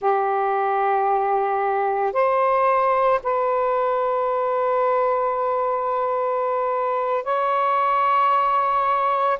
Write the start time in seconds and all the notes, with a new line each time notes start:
0.01 G4
2.12 C5
3.23 B4
7.23 C#5